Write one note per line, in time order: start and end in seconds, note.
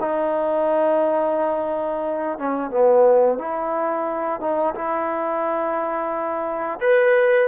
0.00 2.39 D#4
2.39 2.71 C#4
2.71 3.39 B3
3.39 4.40 E4
4.40 4.74 D#4
4.75 6.80 E4
6.81 7.48 B4